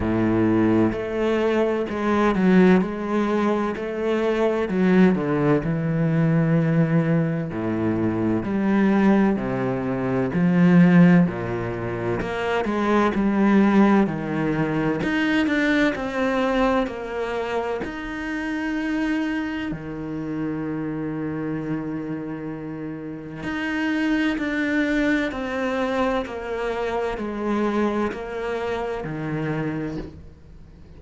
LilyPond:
\new Staff \with { instrumentName = "cello" } { \time 4/4 \tempo 4 = 64 a,4 a4 gis8 fis8 gis4 | a4 fis8 d8 e2 | a,4 g4 c4 f4 | ais,4 ais8 gis8 g4 dis4 |
dis'8 d'8 c'4 ais4 dis'4~ | dis'4 dis2.~ | dis4 dis'4 d'4 c'4 | ais4 gis4 ais4 dis4 | }